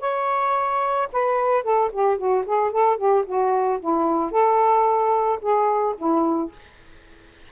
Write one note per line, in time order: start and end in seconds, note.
0.00 1.08 C#5
1.12 1.64 B4
1.64 1.91 A4
1.92 2.18 G4
2.18 2.45 F#4
2.46 2.71 G#4
2.71 2.97 A4
2.97 3.24 G4
3.26 3.80 F#4
3.80 4.31 E4
4.31 5.39 A4
5.42 5.96 G#4
5.98 6.52 E4